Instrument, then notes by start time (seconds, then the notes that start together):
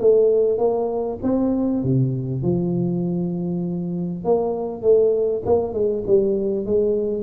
tuba
0.00 A3
0.58 A#3
1.23 C4
1.83 C3
2.42 F3
4.25 A#3
4.82 A3
5.46 A#3
5.73 G#3
6.07 G3
6.66 G#3